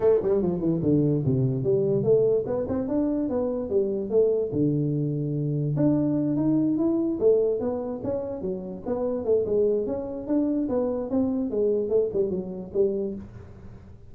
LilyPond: \new Staff \with { instrumentName = "tuba" } { \time 4/4 \tempo 4 = 146 a8 g8 f8 e8 d4 c4 | g4 a4 b8 c'8 d'4 | b4 g4 a4 d4~ | d2 d'4. dis'8~ |
dis'8 e'4 a4 b4 cis'8~ | cis'8 fis4 b4 a8 gis4 | cis'4 d'4 b4 c'4 | gis4 a8 g8 fis4 g4 | }